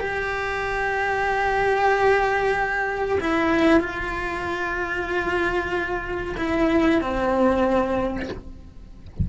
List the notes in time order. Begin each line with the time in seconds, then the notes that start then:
0.00 G4
3.21 E4
3.80 F4
6.37 E4
7.01 C4